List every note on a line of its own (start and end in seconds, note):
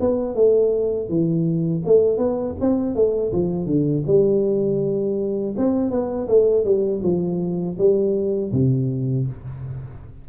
0.00 0.35 B3
0.35 1.08 A3
1.08 1.82 E3
1.85 2.18 A3
2.18 2.55 B3
2.60 2.95 C4
2.95 3.32 A3
3.32 3.66 F3
3.66 4.03 D3
4.07 5.55 G3
5.57 5.91 C4
5.91 6.28 B3
6.28 6.64 A3
6.64 7.01 G3
7.02 7.76 F3
7.78 8.52 G3
8.53 9.27 C3